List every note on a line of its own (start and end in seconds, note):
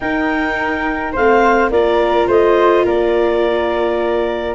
0.00 1.15 D#4
0.00 1.16 D#4
0.00 1.12 A#4
0.00 1.13 G5
1.12 1.69 A3
1.12 1.72 C4
1.12 1.69 C5
1.12 1.70 F5
1.69 2.26 A#3
1.69 4.55 F4
1.69 2.27 A#4
1.69 2.28 D5
2.27 2.84 A3
2.27 2.84 C5
2.27 2.87 D#5
2.84 4.55 A#3
2.84 4.55 A#4
2.84 4.55 D5